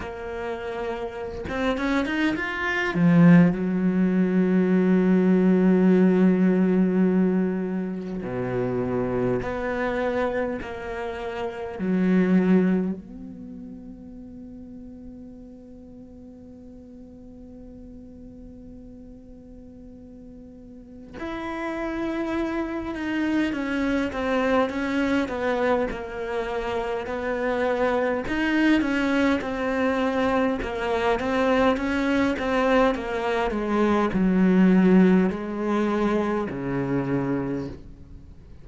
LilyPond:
\new Staff \with { instrumentName = "cello" } { \time 4/4 \tempo 4 = 51 ais4~ ais16 c'16 cis'16 dis'16 f'8 f8 fis4~ | fis2. b,4 | b4 ais4 fis4 b4~ | b1~ |
b2 e'4. dis'8 | cis'8 c'8 cis'8 b8 ais4 b4 | dis'8 cis'8 c'4 ais8 c'8 cis'8 c'8 | ais8 gis8 fis4 gis4 cis4 | }